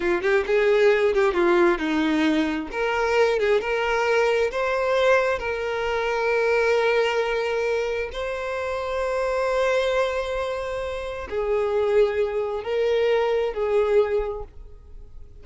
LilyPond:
\new Staff \with { instrumentName = "violin" } { \time 4/4 \tempo 4 = 133 f'8 g'8 gis'4. g'8 f'4 | dis'2 ais'4. gis'8 | ais'2 c''2 | ais'1~ |
ais'2 c''2~ | c''1~ | c''4 gis'2. | ais'2 gis'2 | }